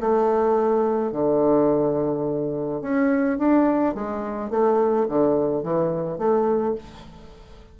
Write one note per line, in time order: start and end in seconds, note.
0.00 1.12 A3
1.12 2.81 D3
2.81 3.38 C#4
3.38 3.94 D4
3.94 4.50 G#3
4.50 5.07 A3
5.08 5.63 D3
5.63 6.18 E3
6.18 6.75 A3